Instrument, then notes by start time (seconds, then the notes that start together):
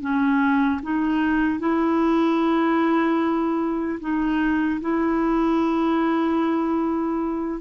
clarinet
0.00 C#4
0.83 D#4
1.59 E4
4.00 D#4
4.81 E4